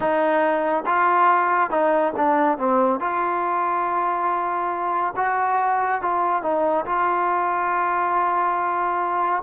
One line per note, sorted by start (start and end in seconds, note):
0.00 0.84 D#4
0.86 1.70 F4
1.70 2.13 D#4
2.16 2.58 D4
2.58 3.00 C4
3.00 5.14 F4
5.16 6.01 F#4
6.01 6.42 F4
6.42 6.85 D#4
6.85 9.42 F4